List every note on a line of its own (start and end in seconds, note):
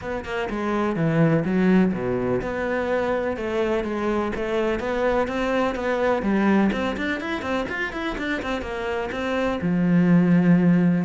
0.01 0.24 B3
0.24 0.48 A#3
0.50 0.96 G#3
0.96 1.44 E3
1.44 1.92 F#3
1.93 2.41 B2
2.41 3.36 B3
3.36 3.84 A3
3.84 4.32 G#3
4.35 4.79 A3
4.79 5.27 B3
5.27 5.75 C4
5.75 6.22 B3
6.22 6.70 G3
6.72 6.96 C4
6.96 7.20 D4
7.20 7.42 E4
7.42 7.66 C4
7.68 7.92 F4
7.92 8.16 E4
8.18 8.42 D4
8.42 8.61 C4
8.61 9.09 A#3
9.11 9.59 C4
9.61 11.04 F3